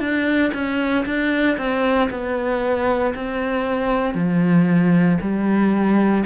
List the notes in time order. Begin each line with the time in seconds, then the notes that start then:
0.00 D4
0.54 C#4
1.06 D4
1.58 C4
2.10 B3
3.15 C4
4.14 F3
5.21 G3